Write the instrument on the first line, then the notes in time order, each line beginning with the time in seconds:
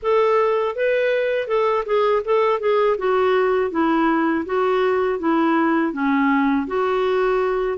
clarinet
0.02 A4
0.75 B4
1.47 A4
1.85 G#4
2.24 A4
2.59 G#4
2.98 F#4
3.70 E4
4.45 F#4
5.19 E4
5.93 C#4
6.67 F#4